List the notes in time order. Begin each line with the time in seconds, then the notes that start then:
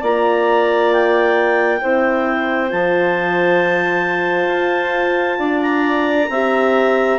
0.00 A#3 F4 D5 A#5
0.93 G5
1.81 C4 E4 C5
2.68 F3 F4 A5
4.47 F4
5.38 D4 D5
5.62 A#5
6.29 C4 G4 E5